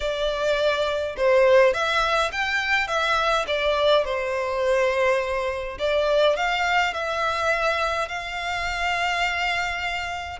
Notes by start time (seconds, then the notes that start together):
0.00 D5
1.16 C5
1.73 E5
2.32 G5
2.87 E5
3.47 D5
4.05 C5
5.78 D5
6.36 F5
6.93 E5
8.08 F5